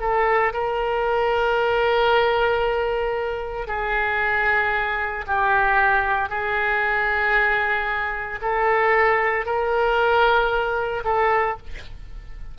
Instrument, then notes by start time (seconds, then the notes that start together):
oboe
0.00 A4
0.53 A#4
3.67 G#4
5.27 G4
6.29 G#4
8.42 A4
9.46 A#4
11.04 A4